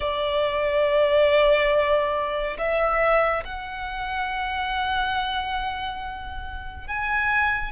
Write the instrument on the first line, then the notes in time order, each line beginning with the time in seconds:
violin
0.00 D5
2.58 E5
3.44 F#5
6.87 G#5